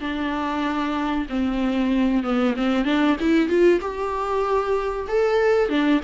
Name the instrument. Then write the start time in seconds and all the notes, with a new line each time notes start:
viola
0.00 D4
1.29 C4
2.23 B3
2.56 C4
2.84 D4
3.20 E4
3.48 F4
3.81 G4
5.08 A4
5.69 D4